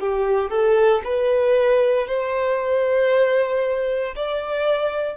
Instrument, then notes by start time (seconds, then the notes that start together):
violin
0.00 G4
0.50 A4
1.04 B4
2.08 C5
4.16 D5